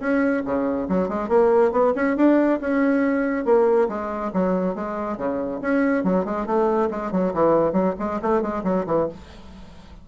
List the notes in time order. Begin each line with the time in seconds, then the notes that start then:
0.00 C#4
0.45 C#3
0.89 F#3
1.09 G#3
1.29 A#3
1.72 B3
1.96 C#4
2.17 D4
2.61 C#4
3.45 A#3
3.89 G#3
4.34 F#3
4.75 G#3
5.18 C#3
5.62 C#4
6.04 F#3
6.25 G#3
6.46 A3
6.91 G#3
7.12 F#3
7.34 E3
7.73 F#3
7.99 G#3
8.22 A3
8.42 G#3
8.64 F#3
8.87 E3